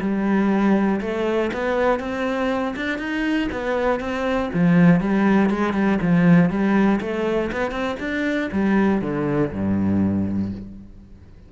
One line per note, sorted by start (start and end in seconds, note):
0.00 1.00 G3
1.00 1.50 A3
1.53 1.99 B3
1.99 2.74 C4
2.75 2.98 D4
2.98 3.48 D#4
3.52 4.00 B3
4.00 4.50 C4
4.53 5.00 F3
5.00 5.50 G3
5.50 5.73 G#3
5.73 5.98 G3
6.01 6.50 F3
6.50 7.00 G3
7.00 7.50 A3
7.51 7.71 B3
7.71 7.96 C4
7.99 8.49 D4
8.52 9.01 G3
9.01 9.51 D3
9.52 10.52 G2